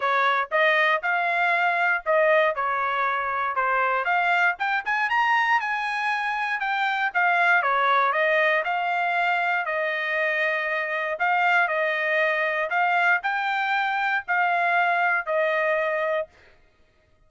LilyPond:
\new Staff \with { instrumentName = "trumpet" } { \time 4/4 \tempo 4 = 118 cis''4 dis''4 f''2 | dis''4 cis''2 c''4 | f''4 g''8 gis''8 ais''4 gis''4~ | gis''4 g''4 f''4 cis''4 |
dis''4 f''2 dis''4~ | dis''2 f''4 dis''4~ | dis''4 f''4 g''2 | f''2 dis''2 | }